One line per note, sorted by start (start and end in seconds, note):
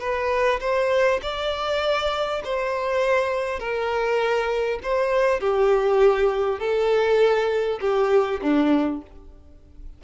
0.00 0.60 B4
0.61 1.21 C5
1.23 2.43 D5
2.44 3.59 C5
3.59 4.79 A#4
4.83 5.41 C5
5.41 6.60 G4
6.60 7.80 A4
7.81 8.41 G4
8.42 9.02 D4